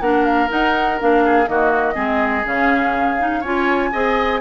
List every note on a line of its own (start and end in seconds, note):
0.00 0.49 A#3
0.00 0.49 D4
0.00 1.24 A#4
0.00 0.24 F#5
0.24 0.49 F5
0.49 0.97 D#4
0.49 1.01 D#4
0.49 1.00 F#5
1.00 1.48 A#3
1.00 1.46 D4
1.00 1.48 F5
1.25 1.49 G#4
1.46 1.96 D#3
1.46 1.94 A#3
1.46 1.94 F#4
1.46 2.45 D#5
1.94 2.44 G#3
1.94 2.43 C4
1.94 3.40 G#4
2.45 3.42 C#3
2.45 3.18 C#4
2.45 3.43 F5
3.18 3.42 D#4
3.40 3.90 C#4
3.40 3.92 F4
3.40 3.89 C#5
3.40 4.40 G#5
3.92 4.40 C4
3.92 4.40 G#4
3.92 4.40 D#5